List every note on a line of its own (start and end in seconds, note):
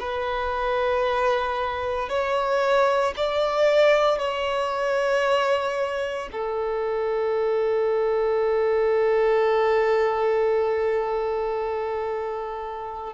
0.00 2.09 B4
2.09 3.14 C#5
3.17 4.19 D5
4.19 6.29 C#5
6.32 13.14 A4